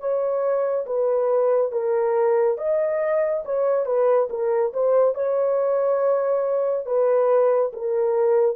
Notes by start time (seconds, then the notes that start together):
0.00 C#5
0.86 B4
1.72 A#4
2.58 D#5
3.45 C#5
3.86 B4
4.30 A#4
4.74 C5
5.15 C#5
6.86 B4
7.73 A#4